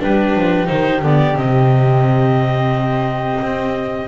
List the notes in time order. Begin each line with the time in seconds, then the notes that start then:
0.00 G3 D4 G4 B4
0.36 F3
0.67 D#3 D#4 C5
1.02 D3 B3 D5
1.35 C3 C4 D#5
3.42 C4